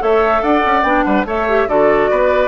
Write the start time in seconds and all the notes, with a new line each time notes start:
0.00 A3 A4 C#5 E5
0.43 D4 D5 F#5
0.66 C#4
0.83 B3 D4 G5
1.04 G3 B4 F#5
1.25 A3 A4 C#5 E5
1.49 G4
1.68 D3 F#4 A4 D5
2.11 B3 B4